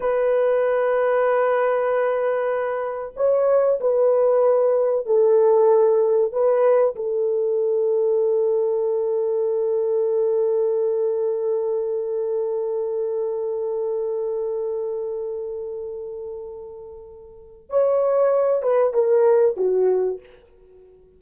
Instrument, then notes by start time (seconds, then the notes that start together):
horn
0.00 B4
3.16 C#5
3.80 B4
5.06 A4
6.32 B4
6.95 A4
17.69 C#5
18.62 B4
18.93 A#4
19.56 F#4